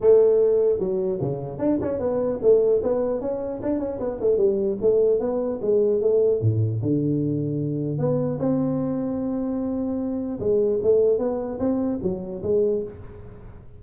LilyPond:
\new Staff \with { instrumentName = "tuba" } { \time 4/4 \tempo 4 = 150 a2 fis4 cis4 | d'8 cis'8 b4 a4 b4 | cis'4 d'8 cis'8 b8 a8 g4 | a4 b4 gis4 a4 |
a,4 d2. | b4 c'2.~ | c'2 gis4 a4 | b4 c'4 fis4 gis4 | }